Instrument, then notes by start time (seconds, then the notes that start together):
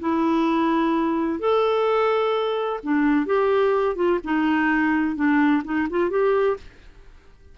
clarinet
0.00 E4
1.40 A4
2.83 D4
3.26 G4
3.96 F4
4.24 D#4
5.16 D4
5.64 D#4
5.90 F4
6.10 G4